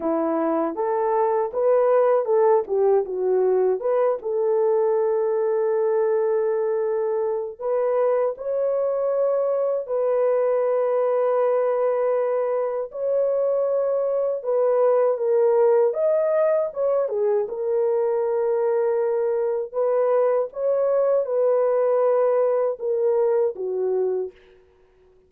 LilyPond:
\new Staff \with { instrumentName = "horn" } { \time 4/4 \tempo 4 = 79 e'4 a'4 b'4 a'8 g'8 | fis'4 b'8 a'2~ a'8~ | a'2 b'4 cis''4~ | cis''4 b'2.~ |
b'4 cis''2 b'4 | ais'4 dis''4 cis''8 gis'8 ais'4~ | ais'2 b'4 cis''4 | b'2 ais'4 fis'4 | }